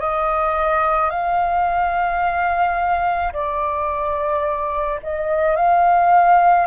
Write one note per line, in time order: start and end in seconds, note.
0.00 1.10 D#5
1.10 3.32 F5
3.33 4.99 D5
5.03 5.56 D#5
5.56 6.67 F5